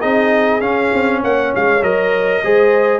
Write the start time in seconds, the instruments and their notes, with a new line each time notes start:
0.00 tuba C4, trombone D#4, horn G#4, trumpet D#5
0.60 trombone C#4, tuba C#4, trumpet F5
0.93 tuba C4
1.23 tuba A#3, horn C#5, trumpet F#5
1.55 tuba G#3, trumpet F5
1.82 tuba F#3, trombone A#4, trumpet D#5
2.44 tuba G#3, trombone G#4, horn C5